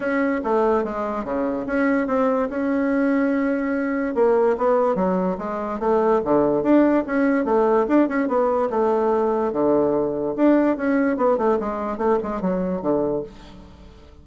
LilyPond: \new Staff \with { instrumentName = "bassoon" } { \time 4/4 \tempo 4 = 145 cis'4 a4 gis4 cis4 | cis'4 c'4 cis'2~ | cis'2 ais4 b4 | fis4 gis4 a4 d4 |
d'4 cis'4 a4 d'8 cis'8 | b4 a2 d4~ | d4 d'4 cis'4 b8 a8 | gis4 a8 gis8 fis4 d4 | }